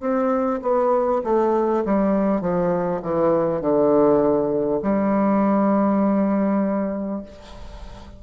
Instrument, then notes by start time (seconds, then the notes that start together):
bassoon
0.00 C4
0.62 B3
1.24 A3
1.85 G3
2.41 F3
3.02 E3
3.61 D3
4.82 G3